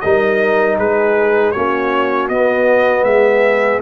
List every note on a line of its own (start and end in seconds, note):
0.00 0.78 G3
0.00 1.55 D#4
0.00 0.77 A#4
0.00 0.76 D#5
0.77 1.54 G#3
0.77 1.53 G#4
0.77 1.51 B4
1.51 2.29 A#3
1.51 2.31 C#4
1.51 3.05 F#4
1.51 2.27 C#5
2.28 3.03 B3
2.28 3.81 B3
2.28 3.03 D#5
3.03 3.79 G#3
3.03 3.81 G#4
3.03 3.79 E5